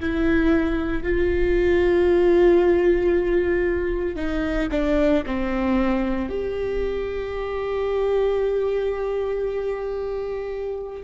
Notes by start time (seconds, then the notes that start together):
0.00 E4
1.03 F4
4.16 D#4
4.71 D4
5.26 C4
6.29 G4